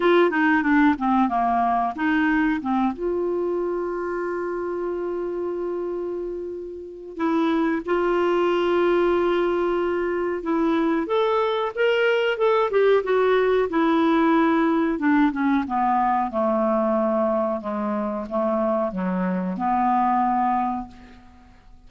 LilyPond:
\new Staff \with { instrumentName = "clarinet" } { \time 4/4 \tempo 4 = 92 f'8 dis'8 d'8 c'8 ais4 dis'4 | c'8 f'2.~ f'8~ | f'2. e'4 | f'1 |
e'4 a'4 ais'4 a'8 g'8 | fis'4 e'2 d'8 cis'8 | b4 a2 gis4 | a4 fis4 b2 | }